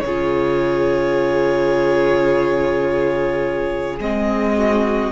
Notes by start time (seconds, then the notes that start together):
0.00 C#3 G#4 C#5
0.07 F4
3.99 G#3 C4 D#5
4.57 F#4